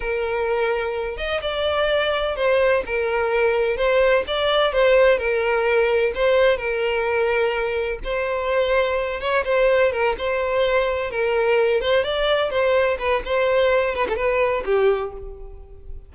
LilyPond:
\new Staff \with { instrumentName = "violin" } { \time 4/4 \tempo 4 = 127 ais'2~ ais'8 dis''8 d''4~ | d''4 c''4 ais'2 | c''4 d''4 c''4 ais'4~ | ais'4 c''4 ais'2~ |
ais'4 c''2~ c''8 cis''8 | c''4 ais'8 c''2 ais'8~ | ais'4 c''8 d''4 c''4 b'8 | c''4. b'16 a'16 b'4 g'4 | }